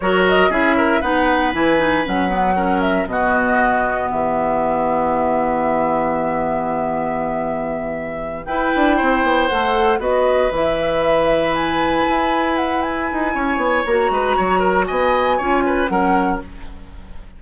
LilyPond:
<<
  \new Staff \with { instrumentName = "flute" } { \time 4/4 \tempo 4 = 117 cis''8 dis''8 e''4 fis''4 gis''4 | fis''4. e''8 dis''2 | e''1~ | e''1~ |
e''8 g''2 fis''4 dis''8~ | dis''8 e''2 gis''4.~ | gis''8 fis''8 gis''2 ais''4~ | ais''4 gis''2 fis''4 | }
  \new Staff \with { instrumentName = "oboe" } { \time 4/4 ais'4 gis'8 ais'8 b'2~ | b'4 ais'4 fis'2 | g'1~ | g'1~ |
g'8 b'4 c''2 b'8~ | b'1~ | b'2 cis''4. b'8 | cis''8 ais'8 dis''4 cis''8 b'8 ais'4 | }
  \new Staff \with { instrumentName = "clarinet" } { \time 4/4 fis'4 e'4 dis'4 e'8 dis'8 | cis'8 b8 cis'4 b2~ | b1~ | b1~ |
b8 e'2 a'4 fis'8~ | fis'8 e'2.~ e'8~ | e'2. fis'4~ | fis'2 f'4 cis'4 | }
  \new Staff \with { instrumentName = "bassoon" } { \time 4/4 fis4 cis'4 b4 e4 | fis2 b,2 | e1~ | e1~ |
e8 e'8 d'8 c'8 b8 a4 b8~ | b8 e2. e'8~ | e'4. dis'8 cis'8 b8 ais8 gis8 | fis4 b4 cis'4 fis4 | }
>>